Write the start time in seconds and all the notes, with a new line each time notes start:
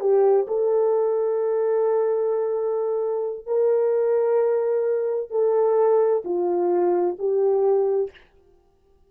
0.00 G4
0.47 A4
3.46 A#4
5.30 A4
6.24 F4
7.18 G4